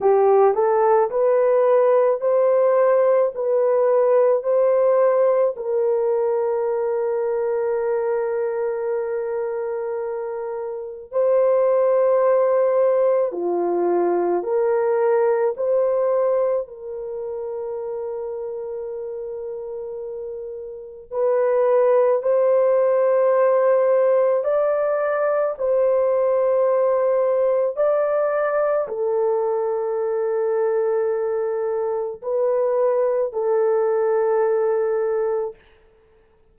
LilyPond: \new Staff \with { instrumentName = "horn" } { \time 4/4 \tempo 4 = 54 g'8 a'8 b'4 c''4 b'4 | c''4 ais'2.~ | ais'2 c''2 | f'4 ais'4 c''4 ais'4~ |
ais'2. b'4 | c''2 d''4 c''4~ | c''4 d''4 a'2~ | a'4 b'4 a'2 | }